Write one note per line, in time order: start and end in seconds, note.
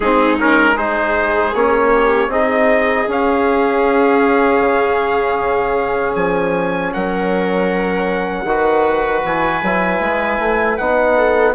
0.00 1.54 G#3
0.00 0.39 C4
0.00 0.74 D#4
0.00 0.38 G#4
0.39 0.76 C#4
0.39 0.77 A#4
0.74 1.53 D#4
0.74 1.89 G#4
0.74 1.54 C5
1.54 2.27 A#3
1.54 2.31 C#4
1.54 2.31 C#5
1.93 2.30 G4
2.27 3.04 C4
2.27 3.08 D#4
2.27 6.92 G#4
2.27 3.08 D#5
3.08 4.59 C#4
3.08 8.46 C#4
3.08 6.15 F5
4.59 6.13 C#3
6.15 6.92 F3
6.15 6.92 G#5
6.93 8.44 F#3
6.93 8.47 A#4
6.93 9.23 F#5
8.44 9.21 D#3
8.44 9.62 F#4
8.44 11.16 B4
9.24 9.62 E3
9.24 10.77 G#5
9.62 10.00 F#3
9.62 10.79 E4
10.00 10.38 G#3
10.38 10.77 A3
10.77 11.55 B3
10.77 11.55 D#4
10.77 11.54 F#5
11.16 11.55 A4